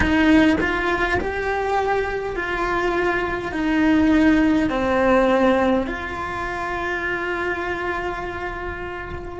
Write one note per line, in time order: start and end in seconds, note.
0.00 0.57 D#4
0.60 1.19 F4
1.20 2.35 G4
2.35 3.51 F4
3.51 4.69 D#4
4.70 5.86 C4
5.86 9.39 F4